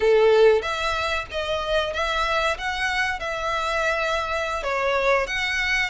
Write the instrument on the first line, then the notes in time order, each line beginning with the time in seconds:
violin
0.00 A4
0.62 E5
1.31 D#5
1.93 E5
2.57 F#5
3.19 E5
4.63 C#5
5.27 F#5